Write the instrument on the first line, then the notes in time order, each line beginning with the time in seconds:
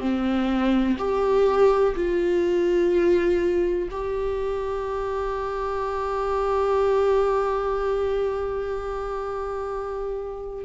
viola
0.00 C4
0.98 G4
1.95 F4
3.91 G4